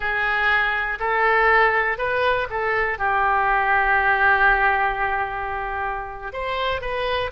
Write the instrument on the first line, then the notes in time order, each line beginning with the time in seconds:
oboe
0.00 G#4
0.99 A4
1.98 B4
2.50 A4
2.98 G4
6.32 C5
6.81 B4